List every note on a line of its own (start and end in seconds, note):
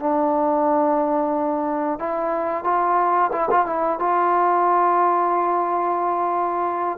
0.00 2.00 D4
2.00 2.64 E4
2.64 3.31 F4
3.32 3.49 E4
3.51 3.66 F4
3.66 3.99 E4
3.99 6.98 F4